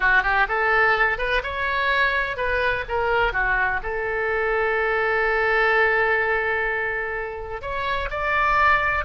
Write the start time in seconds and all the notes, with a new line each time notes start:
0.00 F#4
0.23 G4
0.48 A4
1.18 B4
1.43 C#5
2.36 B4
2.88 A#4
3.32 F#4
3.82 A4
7.61 C#5
8.10 D5